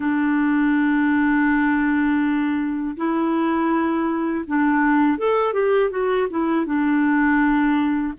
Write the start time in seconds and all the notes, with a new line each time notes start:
0.00 D4
2.96 E4
4.46 D4
5.18 A4
5.53 G4
5.90 F#4
6.30 E4
6.65 D4